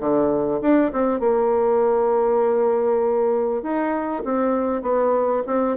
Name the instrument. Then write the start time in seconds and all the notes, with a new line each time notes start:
bassoon
0.00 D3
0.62 D4
0.93 C4
1.20 A#3
3.63 D#4
4.25 C4
4.83 B3
5.47 C4